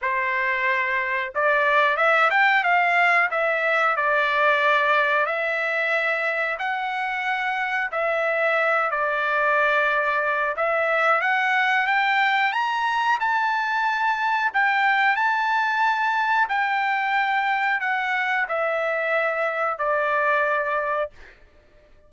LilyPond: \new Staff \with { instrumentName = "trumpet" } { \time 4/4 \tempo 4 = 91 c''2 d''4 e''8 g''8 | f''4 e''4 d''2 | e''2 fis''2 | e''4. d''2~ d''8 |
e''4 fis''4 g''4 ais''4 | a''2 g''4 a''4~ | a''4 g''2 fis''4 | e''2 d''2 | }